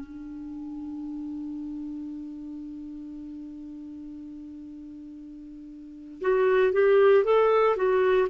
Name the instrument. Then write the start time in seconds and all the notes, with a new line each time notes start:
clarinet
0.00 D4
6.21 F#4
6.72 G4
7.24 A4
7.76 F#4